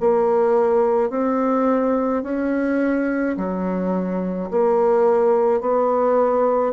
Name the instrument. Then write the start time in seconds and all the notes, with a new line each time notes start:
bassoon
0.00 A#3
1.10 C4
2.23 C#4
3.37 F#3
4.51 A#3
5.61 B3